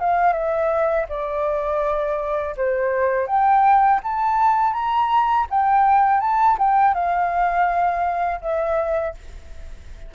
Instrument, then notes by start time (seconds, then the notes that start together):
flute
0.00 F5
0.33 E5
1.09 D5
2.57 C5
3.27 G5
4.04 A5
4.74 A#5
5.50 G5
6.21 A5
6.59 G5
6.94 F5
8.41 E5